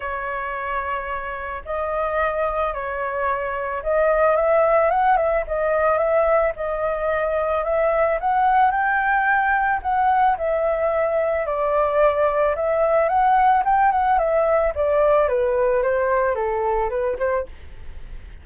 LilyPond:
\new Staff \with { instrumentName = "flute" } { \time 4/4 \tempo 4 = 110 cis''2. dis''4~ | dis''4 cis''2 dis''4 | e''4 fis''8 e''8 dis''4 e''4 | dis''2 e''4 fis''4 |
g''2 fis''4 e''4~ | e''4 d''2 e''4 | fis''4 g''8 fis''8 e''4 d''4 | b'4 c''4 a'4 b'8 c''8 | }